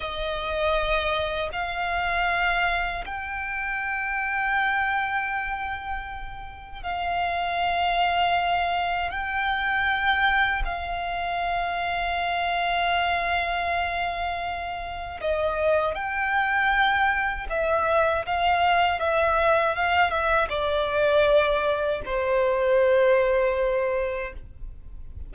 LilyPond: \new Staff \with { instrumentName = "violin" } { \time 4/4 \tempo 4 = 79 dis''2 f''2 | g''1~ | g''4 f''2. | g''2 f''2~ |
f''1 | dis''4 g''2 e''4 | f''4 e''4 f''8 e''8 d''4~ | d''4 c''2. | }